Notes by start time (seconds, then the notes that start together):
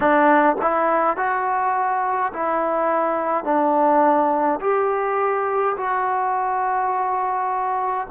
0.00 D4
0.61 E4
1.16 F#4
2.33 E4
3.44 D4
4.60 G4
5.76 F#4